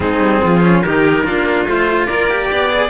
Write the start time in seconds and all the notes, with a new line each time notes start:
0.00 G#3 C4 D#4 G#4
0.19 G3
0.44 F3 F4
0.61 C#4
0.82 D#3 D#4 G4 A#4
1.24 A#3 D4 F4
1.66 A3 F4 C5
2.06 A#3 A#4 D5
2.29 G4
2.51 B3 D5
2.70 G#4